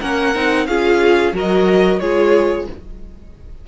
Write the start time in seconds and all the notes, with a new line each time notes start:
0.00 A#3 C#4 A#4 F#5
0.34 C4 D#4
0.66 C#4 F4 G#4 F5
1.32 F#3 F#4 A#4 D#5
1.99 G#3 F4 G#4 C#5